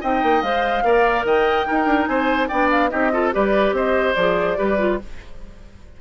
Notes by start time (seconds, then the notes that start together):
0.00 C4 D#4 D#5 G5
0.22 A#3
0.42 G#3 C5 F5
0.83 A#3 A#4 D5
1.24 D#3 D#5 G5
1.67 D#4 A#4
1.85 D4
2.06 C4 C5 G#5
2.48 B3 D4 D5 G5
2.71 F5
2.89 C4 D#4 G4 D#5
3.12 F4 A4
3.32 G3 G4 B4 D5
3.72 C4 C5 D#5
4.14 F3 G#4 D5
4.56 G3 G4 B4
4.78 F4